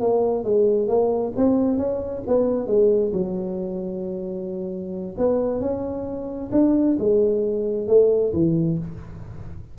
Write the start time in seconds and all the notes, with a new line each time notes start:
0.00 A#3
0.44 G#3
0.88 A#3
1.36 C4
1.77 C#4
2.27 B3
2.66 G#3
3.13 F#3
5.17 B3
5.60 C#4
6.51 D4
6.98 G#3
7.87 A3
8.33 E3